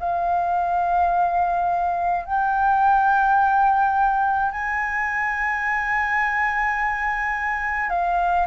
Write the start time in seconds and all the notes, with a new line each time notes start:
0.00 F5
2.25 G5
4.52 G#5
7.90 F5